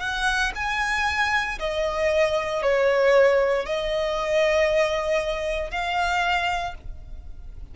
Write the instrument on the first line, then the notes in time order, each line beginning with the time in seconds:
violin
0.00 F#5
0.55 G#5
1.59 D#5
2.62 C#5
3.65 D#5
5.71 F5